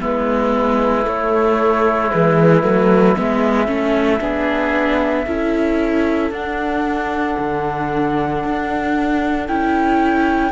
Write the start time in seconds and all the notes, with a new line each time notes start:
0.00 G#3 B3 E4 B4
1.04 A3 C#5
2.12 E3 G#3 B4
2.63 F#3 A3
3.16 G#3 B3 E5
3.66 A3 C#4
4.20 B3 D4 G#4
5.26 C#4 E4 A4
6.31 D4 F#5
7.40 D3
8.44 D4
9.47 C#4 E4 G5